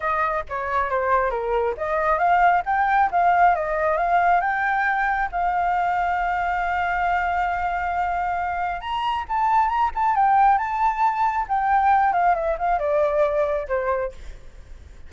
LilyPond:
\new Staff \with { instrumentName = "flute" } { \time 4/4 \tempo 4 = 136 dis''4 cis''4 c''4 ais'4 | dis''4 f''4 g''4 f''4 | dis''4 f''4 g''2 | f''1~ |
f''1 | ais''4 a''4 ais''8 a''8 g''4 | a''2 g''4. f''8 | e''8 f''8 d''2 c''4 | }